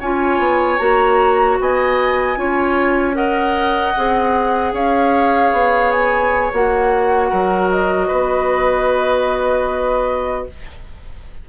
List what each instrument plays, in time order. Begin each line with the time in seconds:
0.00 bassoon C#4, clarinet F4, oboe C#5, flute G#5
0.39 bassoon B3
0.78 bassoon A#3, clarinet F#4, flute A#5
1.60 bassoon B3, oboe D#5, flute G#5
2.36 bassoon C#4, clarinet F4, oboe C#5
3.14 clarinet A#4, oboe D#5, flute F#5
3.97 bassoon C4, clarinet G#4
4.73 bassoon C#4, oboe C#5, flute F5
5.52 bassoon B3
5.91 flute G#5
6.53 bassoon A#3, clarinet F#4, flute F#5
7.29 bassoon F#3, oboe A#4
7.71 flute D#5
8.08 bassoon B3, oboe B4